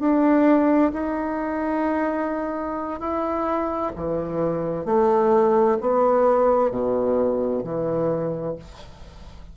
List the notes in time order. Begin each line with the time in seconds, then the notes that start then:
0.00 D4
0.93 D#4
3.00 E4
3.96 E3
4.86 A3
5.81 B3
6.71 B2
7.64 E3